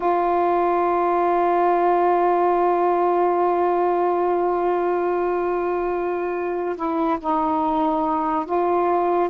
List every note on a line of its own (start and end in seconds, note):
0.00 6.76 F4
6.76 7.18 E4
7.20 8.45 D#4
8.45 9.29 F4